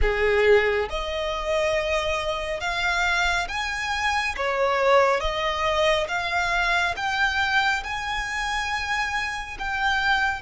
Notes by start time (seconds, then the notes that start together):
0.01 G#4
0.89 D#5
2.60 F5
3.48 G#5
4.36 C#5
5.20 D#5
6.08 F5
6.96 G5
7.83 G#5
9.58 G5